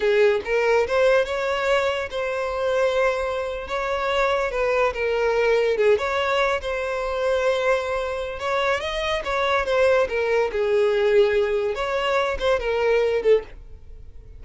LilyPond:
\new Staff \with { instrumentName = "violin" } { \time 4/4 \tempo 4 = 143 gis'4 ais'4 c''4 cis''4~ | cis''4 c''2.~ | c''8. cis''2 b'4 ais'16~ | ais'4.~ ais'16 gis'8 cis''4. c''16~ |
c''1 | cis''4 dis''4 cis''4 c''4 | ais'4 gis'2. | cis''4. c''8 ais'4. a'8 | }